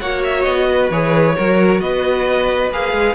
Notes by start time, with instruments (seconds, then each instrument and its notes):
0.00 cello A#3, viola F#4, violin C#5 F#5
0.24 violin E5
0.43 cello B3, violin D#5
0.69 violin B4
0.90 cello E3, viola G#4, violin C#5
1.35 cello F#3, viola F#4, violin A#4
1.81 cello B3, violin B4 D#5
2.71 cello A#3, viola G#4, violin F5
2.93 cello G#3